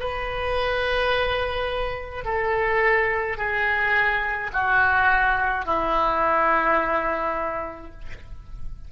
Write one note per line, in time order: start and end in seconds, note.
0.00 2.25 B4
2.25 3.38 A4
3.38 4.51 G#4
4.53 5.66 F#4
5.66 7.92 E4